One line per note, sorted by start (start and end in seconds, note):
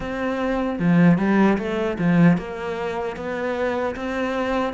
0.00 0.79 C4
0.79 1.18 F3
1.18 1.57 G3
1.58 1.97 A3
1.98 2.37 F3
2.37 3.16 A#3
3.16 3.95 B3
3.95 4.73 C4